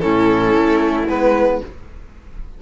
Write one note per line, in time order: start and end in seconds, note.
0.00 0.55 A2
0.00 1.08 C#4
0.00 1.63 E4
0.00 1.06 A4
0.55 1.08 A3
1.08 1.61 G#3
1.08 1.62 B3
1.08 1.62 B4